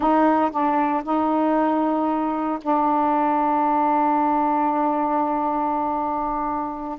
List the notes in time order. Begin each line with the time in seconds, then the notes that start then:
0.00 D#4
0.51 D4
1.03 D#4
2.61 D4